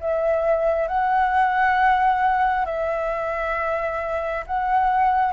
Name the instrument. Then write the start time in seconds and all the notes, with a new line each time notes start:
flute
0.00 E5
0.88 F#5
2.65 E5
4.47 F#5